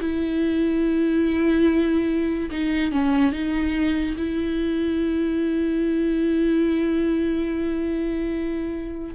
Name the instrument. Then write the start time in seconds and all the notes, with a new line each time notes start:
viola
0.00 E4
2.51 D#4
2.92 C#4
3.32 D#4
4.17 E4